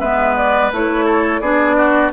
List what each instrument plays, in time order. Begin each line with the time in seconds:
0.00 bassoon G#3, clarinet B3, oboe B4, flute E5
0.36 flute D5
0.72 bassoon A3, clarinet E4, flute C#5
1.05 oboe A4
1.40 bassoon B3, clarinet D4, oboe G#4, flute D5
1.77 oboe F#4